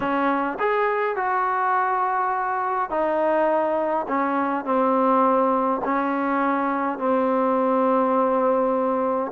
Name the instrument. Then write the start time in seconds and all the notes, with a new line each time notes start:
trombone
0.00 C#4
0.59 G#4
1.15 F#4
2.89 D#4
4.08 C#4
4.64 C4
5.84 C#4
6.98 C4